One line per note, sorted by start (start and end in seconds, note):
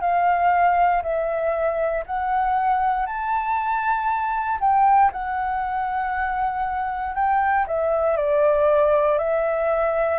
0.00 1.02 F5
1.02 2.04 E5
2.06 3.06 F#5
3.06 4.59 A5
4.60 5.11 G5
5.12 7.15 F#5
7.15 7.65 G5
7.67 8.16 E5
8.16 9.18 D5
9.18 10.19 E5